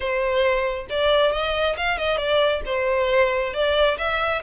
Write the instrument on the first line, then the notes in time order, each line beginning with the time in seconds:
violin
0.00 C5
0.89 D5
1.31 D#5
1.76 F5
1.98 D#5
2.17 D5
2.65 C5
3.53 D5
3.98 E5